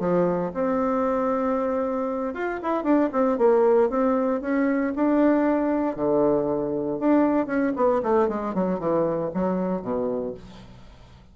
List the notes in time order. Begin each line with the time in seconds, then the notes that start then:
0.00 F3
0.54 C4
2.34 F4
2.63 E4
2.84 D4
3.13 C4
3.38 A#3
3.90 C4
4.42 C#4
4.96 D4
5.96 D3
6.99 D4
7.47 C#4
7.76 B3
8.03 A3
8.29 G#3
8.55 F#3
8.79 E3
9.34 F#3
9.83 B2